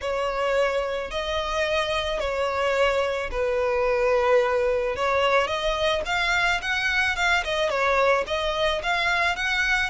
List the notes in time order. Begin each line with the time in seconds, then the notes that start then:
0.01 C#5
1.10 D#5
2.19 C#5
3.31 B4
4.96 C#5
5.47 D#5
6.05 F5
6.61 F#5
7.16 F5
7.43 D#5
7.69 C#5
8.26 D#5
8.82 F5
9.36 F#5